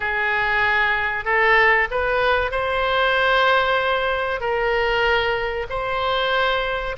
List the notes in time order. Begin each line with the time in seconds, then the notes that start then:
0.00 G#4
1.25 A4
1.90 B4
2.51 C5
4.40 A#4
5.69 C5